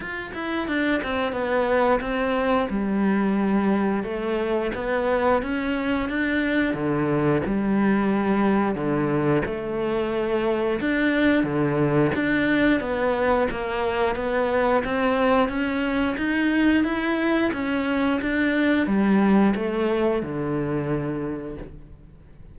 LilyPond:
\new Staff \with { instrumentName = "cello" } { \time 4/4 \tempo 4 = 89 f'8 e'8 d'8 c'8 b4 c'4 | g2 a4 b4 | cis'4 d'4 d4 g4~ | g4 d4 a2 |
d'4 d4 d'4 b4 | ais4 b4 c'4 cis'4 | dis'4 e'4 cis'4 d'4 | g4 a4 d2 | }